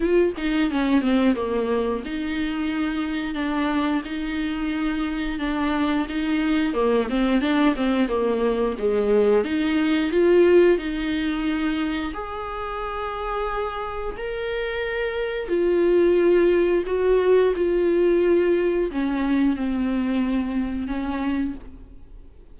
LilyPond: \new Staff \with { instrumentName = "viola" } { \time 4/4 \tempo 4 = 89 f'8 dis'8 cis'8 c'8 ais4 dis'4~ | dis'4 d'4 dis'2 | d'4 dis'4 ais8 c'8 d'8 c'8 | ais4 gis4 dis'4 f'4 |
dis'2 gis'2~ | gis'4 ais'2 f'4~ | f'4 fis'4 f'2 | cis'4 c'2 cis'4 | }